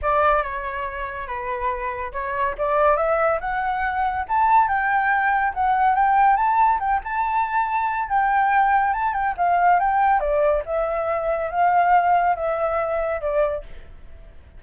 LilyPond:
\new Staff \with { instrumentName = "flute" } { \time 4/4 \tempo 4 = 141 d''4 cis''2 b'4~ | b'4 cis''4 d''4 e''4 | fis''2 a''4 g''4~ | g''4 fis''4 g''4 a''4 |
g''8 a''2~ a''8 g''4~ | g''4 a''8 g''8 f''4 g''4 | d''4 e''2 f''4~ | f''4 e''2 d''4 | }